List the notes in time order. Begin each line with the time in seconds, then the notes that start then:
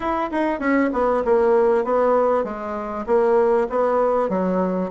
0.00 E4
0.31 D#4
0.59 C#4
0.92 B3
1.24 A#3
1.84 B3
2.44 G#3
3.06 A#3
3.69 B3
4.29 F#3